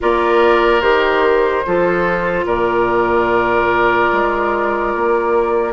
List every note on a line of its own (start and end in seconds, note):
0.00 0.82 A#3
0.00 0.81 F4
0.00 1.66 A#4
0.00 0.81 D5
0.81 1.64 D#3
0.81 1.63 G4
0.81 2.45 C5
1.66 2.45 F3
1.66 5.72 F4
1.66 2.46 A4
2.45 4.09 A#2
2.45 5.72 A#4
2.45 5.72 D5
4.12 4.94 G#3
4.95 5.72 A#3